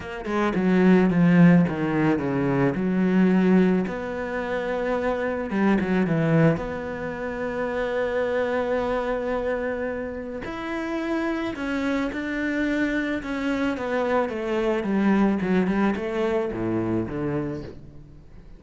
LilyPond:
\new Staff \with { instrumentName = "cello" } { \time 4/4 \tempo 4 = 109 ais8 gis8 fis4 f4 dis4 | cis4 fis2 b4~ | b2 g8 fis8 e4 | b1~ |
b2. e'4~ | e'4 cis'4 d'2 | cis'4 b4 a4 g4 | fis8 g8 a4 a,4 d4 | }